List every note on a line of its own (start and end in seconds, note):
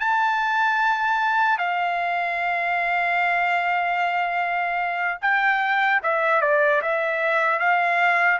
0.00 1.58 A5
1.58 5.18 F5
5.21 6.01 G5
6.03 6.41 E5
6.41 6.81 D5
6.82 7.59 E5
7.59 8.39 F5